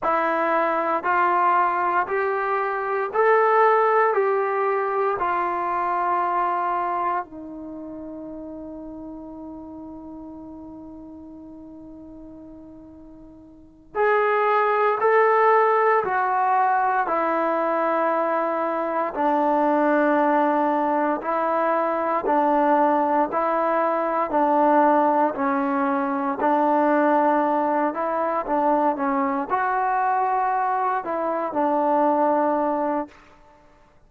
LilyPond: \new Staff \with { instrumentName = "trombone" } { \time 4/4 \tempo 4 = 58 e'4 f'4 g'4 a'4 | g'4 f'2 dis'4~ | dis'1~ | dis'4. gis'4 a'4 fis'8~ |
fis'8 e'2 d'4.~ | d'8 e'4 d'4 e'4 d'8~ | d'8 cis'4 d'4. e'8 d'8 | cis'8 fis'4. e'8 d'4. | }